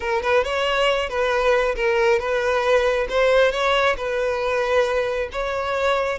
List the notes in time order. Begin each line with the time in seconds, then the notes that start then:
0.00 A#4
0.22 B4
0.44 C#5
1.09 B4
1.75 A#4
2.19 B4
3.09 C5
3.51 C#5
3.96 B4
5.31 C#5